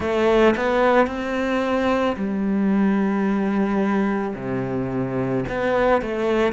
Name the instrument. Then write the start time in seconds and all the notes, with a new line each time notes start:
cello
0.00 A3
0.56 B3
1.07 C4
2.16 G3
4.35 C3
5.48 B3
6.01 A3